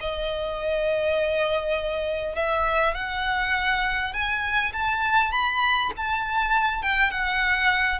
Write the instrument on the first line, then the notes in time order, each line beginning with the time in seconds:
violin
0.00 D#5
2.35 E5
2.94 F#5
4.13 G#5
4.73 A5
5.32 B5
5.96 A5
6.82 G5
7.11 F#5